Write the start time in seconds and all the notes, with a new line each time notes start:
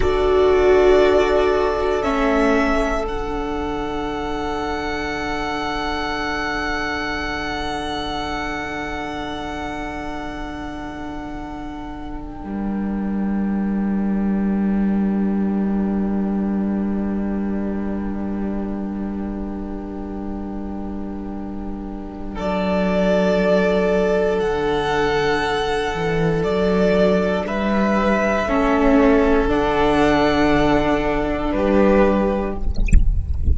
0.00 D4 F#4 A4 D5
2.03 A3 C#4 E5
3.03 D3 D4 F#5
12.20 G5
12.44 G3 A#4
22.35 F#3 A4 D5
24.39 D3 F#5
25.94 E3
26.43 F#3 D5
27.44 G3 B4 E5
28.44 A3 C#4 A4
29.48 D3 D4 F#5
31.51 G3 G4 B4